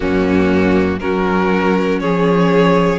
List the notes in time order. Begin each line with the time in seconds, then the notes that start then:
0.00 F#2 A#3 C#4 F#4
0.99 F#3 C#4 F#4 A#4
2.00 F3 G#4 C#5